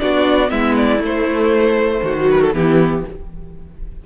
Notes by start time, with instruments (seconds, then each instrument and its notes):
0.00 cello B3, viola D4, violin F#4 D5
0.48 cello G#3, viola B3, violin E4 E5
0.76 violin D5
0.99 cello A3, viola A3, violin C5
2.03 cello D#3, violin F#4
2.19 viola F#3
2.31 violin B4
2.42 violin A4
2.53 cello E3, viola B3, violin E4 G4